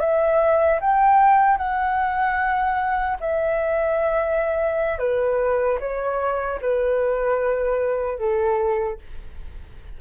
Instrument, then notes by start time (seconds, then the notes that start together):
flute
0.00 E5
0.81 G5
1.58 F#5
3.20 E5
4.99 B4
5.80 C#5
6.62 B4
8.19 A4